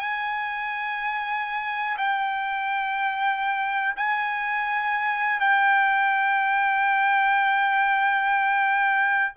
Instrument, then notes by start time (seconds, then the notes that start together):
trumpet
0.00 G#5
1.98 G5
3.96 G#5
5.40 G5